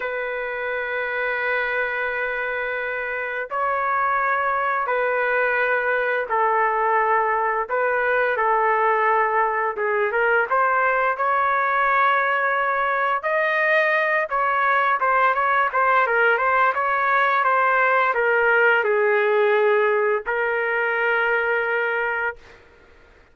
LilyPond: \new Staff \with { instrumentName = "trumpet" } { \time 4/4 \tempo 4 = 86 b'1~ | b'4 cis''2 b'4~ | b'4 a'2 b'4 | a'2 gis'8 ais'8 c''4 |
cis''2. dis''4~ | dis''8 cis''4 c''8 cis''8 c''8 ais'8 c''8 | cis''4 c''4 ais'4 gis'4~ | gis'4 ais'2. | }